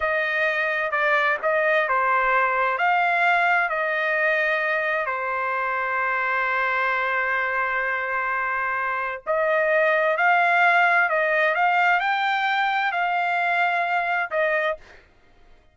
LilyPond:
\new Staff \with { instrumentName = "trumpet" } { \time 4/4 \tempo 4 = 130 dis''2 d''4 dis''4 | c''2 f''2 | dis''2. c''4~ | c''1~ |
c''1 | dis''2 f''2 | dis''4 f''4 g''2 | f''2. dis''4 | }